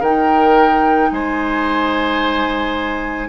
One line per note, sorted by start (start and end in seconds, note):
0.00 1.10 D#3
0.00 3.29 D#4
0.00 1.09 A#4
0.00 1.11 G5
1.11 3.29 G#3
1.11 3.29 C5
1.11 3.29 G#5